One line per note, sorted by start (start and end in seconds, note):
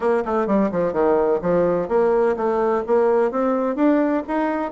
0.00 0.23 A#3
0.25 0.46 A3
0.46 0.70 G3
0.71 0.93 F3
0.93 1.40 D#3
1.41 1.88 F3
1.88 2.35 A#3
2.36 2.83 A3
2.86 3.31 A#3
3.31 3.75 C4
3.75 4.23 D4
4.27 4.71 D#4